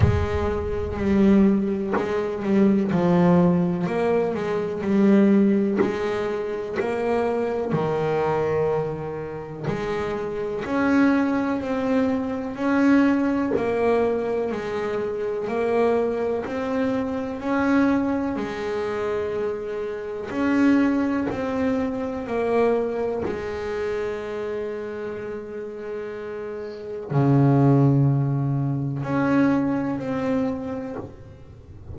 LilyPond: \new Staff \with { instrumentName = "double bass" } { \time 4/4 \tempo 4 = 62 gis4 g4 gis8 g8 f4 | ais8 gis8 g4 gis4 ais4 | dis2 gis4 cis'4 | c'4 cis'4 ais4 gis4 |
ais4 c'4 cis'4 gis4~ | gis4 cis'4 c'4 ais4 | gis1 | cis2 cis'4 c'4 | }